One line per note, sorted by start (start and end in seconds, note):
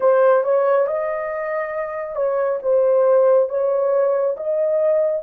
0.00 0.43 C5
0.43 0.87 C#5
0.87 2.15 D#5
2.15 2.59 C#5
2.62 3.49 C5
3.49 4.36 C#5
4.37 5.23 D#5